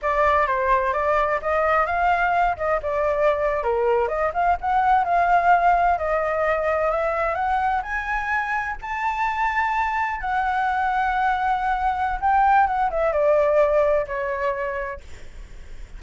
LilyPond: \new Staff \with { instrumentName = "flute" } { \time 4/4 \tempo 4 = 128 d''4 c''4 d''4 dis''4 | f''4. dis''8 d''4.~ d''16 ais'16~ | ais'8. dis''8 f''8 fis''4 f''4~ f''16~ | f''8. dis''2 e''4 fis''16~ |
fis''8. gis''2 a''4~ a''16~ | a''4.~ a''16 fis''2~ fis''16~ | fis''2 g''4 fis''8 e''8 | d''2 cis''2 | }